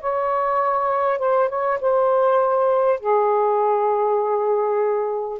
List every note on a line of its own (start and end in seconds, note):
0.00 1.18 C#5
1.18 1.48 C5
1.49 1.79 C#5
1.81 2.99 C5
2.99 5.39 G#4